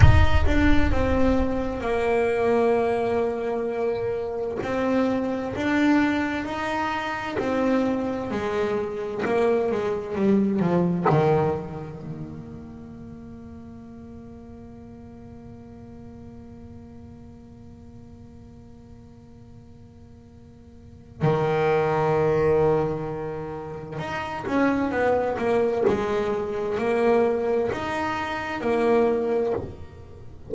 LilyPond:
\new Staff \with { instrumentName = "double bass" } { \time 4/4 \tempo 4 = 65 dis'8 d'8 c'4 ais2~ | ais4 c'4 d'4 dis'4 | c'4 gis4 ais8 gis8 g8 f8 | dis4 ais2.~ |
ais1~ | ais2. dis4~ | dis2 dis'8 cis'8 b8 ais8 | gis4 ais4 dis'4 ais4 | }